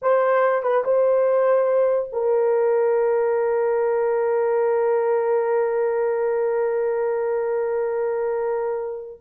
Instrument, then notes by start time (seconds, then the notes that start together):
horn
0.02 C5
0.62 B4
0.84 C5
2.12 A#4